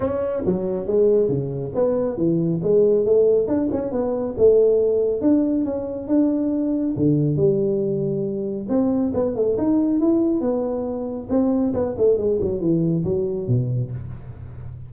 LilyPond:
\new Staff \with { instrumentName = "tuba" } { \time 4/4 \tempo 4 = 138 cis'4 fis4 gis4 cis4 | b4 e4 gis4 a4 | d'8 cis'8 b4 a2 | d'4 cis'4 d'2 |
d4 g2. | c'4 b8 a8 dis'4 e'4 | b2 c'4 b8 a8 | gis8 fis8 e4 fis4 b,4 | }